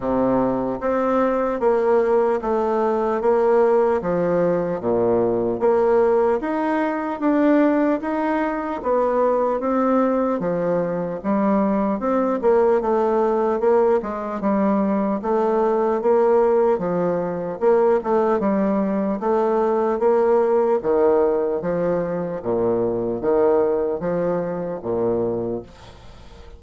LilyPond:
\new Staff \with { instrumentName = "bassoon" } { \time 4/4 \tempo 4 = 75 c4 c'4 ais4 a4 | ais4 f4 ais,4 ais4 | dis'4 d'4 dis'4 b4 | c'4 f4 g4 c'8 ais8 |
a4 ais8 gis8 g4 a4 | ais4 f4 ais8 a8 g4 | a4 ais4 dis4 f4 | ais,4 dis4 f4 ais,4 | }